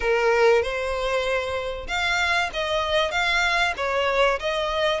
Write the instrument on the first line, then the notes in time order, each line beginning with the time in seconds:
violin
0.00 A#4
0.62 C5
1.87 F5
2.53 D#5
3.11 F5
3.76 C#5
4.39 D#5